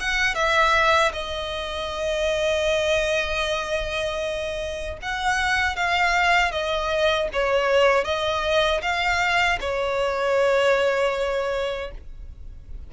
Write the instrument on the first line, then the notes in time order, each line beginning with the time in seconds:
violin
0.00 F#5
0.35 E5
1.13 D#5
5.02 F#5
5.76 F5
6.51 D#5
7.33 C#5
8.04 D#5
8.82 F5
9.60 C#5